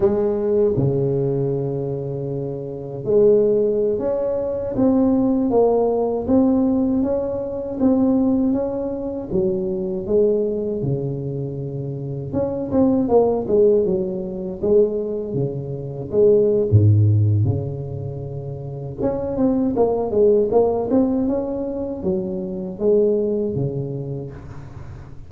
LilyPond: \new Staff \with { instrumentName = "tuba" } { \time 4/4 \tempo 4 = 79 gis4 cis2. | gis4~ gis16 cis'4 c'4 ais8.~ | ais16 c'4 cis'4 c'4 cis'8.~ | cis'16 fis4 gis4 cis4.~ cis16~ |
cis16 cis'8 c'8 ais8 gis8 fis4 gis8.~ | gis16 cis4 gis8. gis,4 cis4~ | cis4 cis'8 c'8 ais8 gis8 ais8 c'8 | cis'4 fis4 gis4 cis4 | }